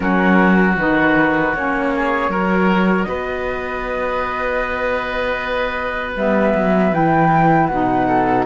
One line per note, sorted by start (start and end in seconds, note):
0.00 0.76 F#3
0.00 0.73 C#4
0.00 1.94 F#4
0.00 0.75 A#4
0.76 1.53 D#3
0.76 1.55 D#4
0.76 1.55 B4
1.54 2.29 A#3
1.54 2.31 C#4
1.54 3.03 C#5
1.96 2.30 G#4
2.29 3.05 F#3
2.29 6.16 F#4
2.29 3.07 A#4
3.03 6.15 B3
3.03 8.07 B4
3.03 6.11 D#5
6.15 6.54 G3
6.15 6.93 B3
6.15 6.94 E5
6.54 6.92 F#3
6.92 7.69 E3
6.92 7.70 E4
6.92 7.66 G5
7.66 8.45 B2
7.66 8.45 D#4
7.66 8.43 F#5
8.07 8.45 A4